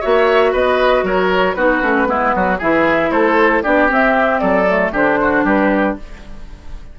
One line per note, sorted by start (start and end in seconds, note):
0.00 0.53 A#3
0.00 1.56 F#4
0.00 0.52 C#5
0.00 0.53 E5
0.52 1.03 B3
0.52 1.04 B4
0.52 1.05 D#5
1.03 1.55 F#3
1.03 1.56 A#4
1.03 1.54 C#5
1.54 1.81 B3
1.54 1.82 D#4
1.54 2.08 F#4
1.54 2.57 B4
1.82 2.07 A3
1.82 2.06 C#4
2.06 2.33 G#3
2.06 2.58 B3
2.06 2.35 E4
2.35 2.61 F#3
2.35 2.58 F#4
2.58 3.11 E3
2.58 3.64 E4
2.58 3.10 G#4
2.58 3.11 E5
3.11 3.62 A3
3.11 3.63 A4
3.11 3.62 C5
3.63 3.90 B3
3.63 3.88 D4
3.63 4.41 G4
3.63 3.89 D5
3.88 4.66 C4
3.88 4.42 C4
3.88 4.39 E5
4.39 4.91 F#3
4.39 4.92 A4
4.39 4.91 D5
4.68 4.94 A3
4.91 5.43 D3
4.91 5.99 D4
4.91 5.18 G4
4.91 5.46 C5
5.21 5.44 F#4
5.44 5.96 G3
5.44 5.96 G4
5.44 5.98 B4